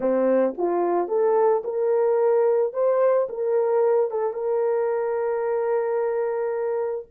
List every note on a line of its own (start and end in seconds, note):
0.00 0.54 C4
0.57 1.08 F4
1.08 1.62 A4
1.64 2.73 A#4
2.73 3.27 C5
3.29 4.10 A#4
4.10 4.33 A4
4.33 7.05 A#4